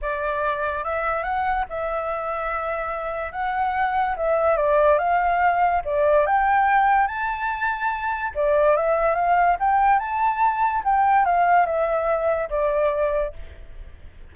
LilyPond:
\new Staff \with { instrumentName = "flute" } { \time 4/4 \tempo 4 = 144 d''2 e''4 fis''4 | e''1 | fis''2 e''4 d''4 | f''2 d''4 g''4~ |
g''4 a''2. | d''4 e''4 f''4 g''4 | a''2 g''4 f''4 | e''2 d''2 | }